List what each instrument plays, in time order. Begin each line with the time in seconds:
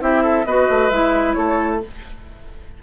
0.00 bassoon C4, clarinet E4, oboe G4, flute E5
0.23 oboe A4
0.46 bassoon B3, clarinet F#4, oboe B4, flute D#5
0.70 bassoon A3
0.90 bassoon G#3, clarinet E4, flute E5
1.34 bassoon A3, oboe A4, flute C#5